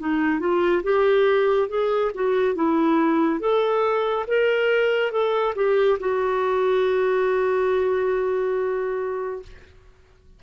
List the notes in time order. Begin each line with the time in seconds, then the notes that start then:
0.00 D#4
0.40 F4
0.84 G4
1.69 G#4
2.15 F#4
2.56 E4
3.41 A4
4.28 A#4
5.12 A4
5.56 G4
6.00 F#4